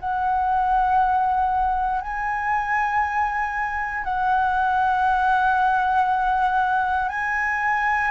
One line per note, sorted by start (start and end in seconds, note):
0.00 2.02 F#5
2.02 4.04 G#5
4.04 7.09 F#5
7.09 8.11 G#5